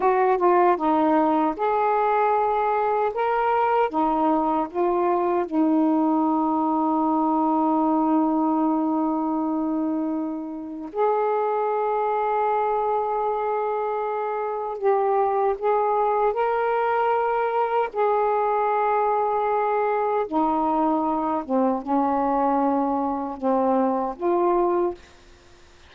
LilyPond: \new Staff \with { instrumentName = "saxophone" } { \time 4/4 \tempo 4 = 77 fis'8 f'8 dis'4 gis'2 | ais'4 dis'4 f'4 dis'4~ | dis'1~ | dis'2 gis'2~ |
gis'2. g'4 | gis'4 ais'2 gis'4~ | gis'2 dis'4. c'8 | cis'2 c'4 f'4 | }